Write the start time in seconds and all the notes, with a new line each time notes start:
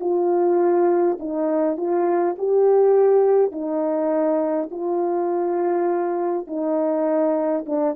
0.00 F4
1.19 D#4
1.77 F4
2.39 G4
3.52 D#4
4.71 F4
6.47 D#4
7.66 D4